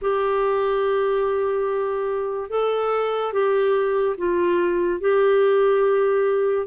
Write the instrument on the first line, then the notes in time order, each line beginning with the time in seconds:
clarinet
0.01 G4
2.50 A4
3.33 G4
4.17 F4
5.00 G4